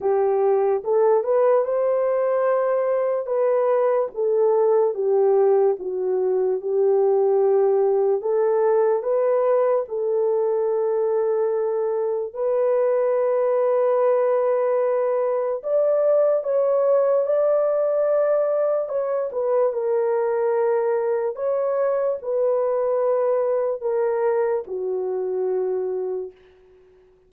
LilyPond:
\new Staff \with { instrumentName = "horn" } { \time 4/4 \tempo 4 = 73 g'4 a'8 b'8 c''2 | b'4 a'4 g'4 fis'4 | g'2 a'4 b'4 | a'2. b'4~ |
b'2. d''4 | cis''4 d''2 cis''8 b'8 | ais'2 cis''4 b'4~ | b'4 ais'4 fis'2 | }